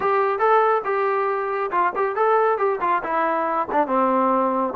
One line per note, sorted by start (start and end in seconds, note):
0.00 0.39 G4
0.39 0.82 A4
0.84 1.71 G4
1.71 1.92 F4
1.95 2.15 G4
2.15 2.58 A4
2.58 2.79 G4
2.80 3.02 F4
3.03 3.67 E4
3.71 3.87 D4
3.87 4.73 C4